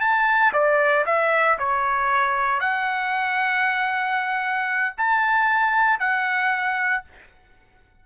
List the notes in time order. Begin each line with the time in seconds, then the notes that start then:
0.00 A5
0.53 D5
1.06 E5
1.58 C#5
2.60 F#5
4.97 A5
5.99 F#5